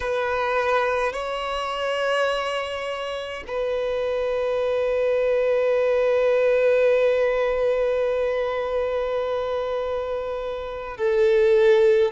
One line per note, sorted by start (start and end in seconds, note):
0.00 1.12 B4
1.12 3.43 C#5
3.47 10.97 B4
10.97 12.12 A4